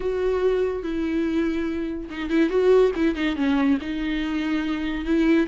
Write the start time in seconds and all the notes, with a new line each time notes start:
0.00 F#4
0.83 E4
2.09 D#4
2.29 E4
2.49 F#4
2.95 E4
3.15 D#4
3.36 C#4
3.81 D#4
5.05 E4